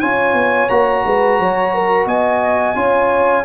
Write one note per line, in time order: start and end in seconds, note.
0.00 0.33 C#4
0.00 0.70 F4
0.00 1.03 C#5
0.00 0.69 G#5
0.33 0.68 B3
0.69 1.04 A#3
0.69 2.75 F#4
0.69 2.07 A#5
1.05 1.39 G#3
1.05 1.40 B4
1.39 2.06 F#3
1.39 1.74 C#5
1.74 2.07 A#4
2.06 2.75 B3
2.06 2.76 D#5
2.06 3.45 G#5
2.75 3.44 C#4
2.75 3.44 F4
2.75 3.45 C#5